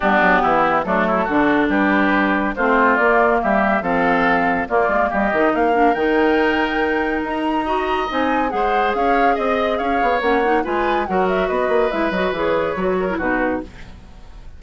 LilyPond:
<<
  \new Staff \with { instrumentName = "flute" } { \time 4/4 \tempo 4 = 141 g'2 a'2 | b'2 c''4 d''4 | e''4 f''2 d''4 | dis''4 f''4 g''2~ |
g''4 ais''2 gis''4 | fis''4 f''4 dis''4 f''4 | fis''4 gis''4 fis''8 e''8 dis''4 | e''8 dis''8 cis''2 b'4 | }
  \new Staff \with { instrumentName = "oboe" } { \time 4/4 d'4 e'4 d'8 e'8 fis'4 | g'2 f'2 | g'4 a'2 f'4 | g'4 ais'2.~ |
ais'2 dis''2 | c''4 cis''4 dis''4 cis''4~ | cis''4 b'4 ais'4 b'4~ | b'2~ b'8 ais'8 fis'4 | }
  \new Staff \with { instrumentName = "clarinet" } { \time 4/4 b2 a4 d'4~ | d'2 c'4 ais4~ | ais4 c'2 ais4~ | ais8 dis'4 d'8 dis'2~ |
dis'2 fis'4 dis'4 | gis'1 | cis'8 dis'8 f'4 fis'2 | e'8 fis'8 gis'4 fis'8. e'16 dis'4 | }
  \new Staff \with { instrumentName = "bassoon" } { \time 4/4 g8 fis8 e4 fis4 d4 | g2 a4 ais4 | g4 f2 ais8 gis8 | g8 dis8 ais4 dis2~ |
dis4 dis'2 c'4 | gis4 cis'4 c'4 cis'8 b8 | ais4 gis4 fis4 b8 ais8 | gis8 fis8 e4 fis4 b,4 | }
>>